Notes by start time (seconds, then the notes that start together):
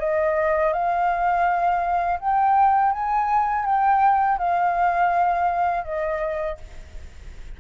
0.00 D#5
0.73 F5
2.20 G5
2.93 G#5
3.66 G5
4.39 F5
5.85 D#5